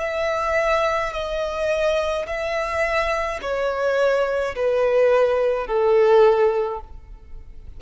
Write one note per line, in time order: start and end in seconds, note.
0.00 1.13 E5
1.13 2.26 D#5
2.27 3.40 E5
3.42 4.55 C#5
4.56 5.67 B4
5.67 6.80 A4